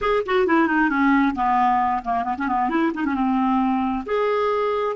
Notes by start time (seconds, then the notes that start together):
0.01 G#4
0.26 F#4
0.46 E4
0.67 D#4
0.89 C#4
1.35 B3
2.04 A#3
2.24 B3
2.37 C#4
2.48 B3
2.69 E4
2.94 D#4
3.05 C#4
3.14 C4
4.06 G#4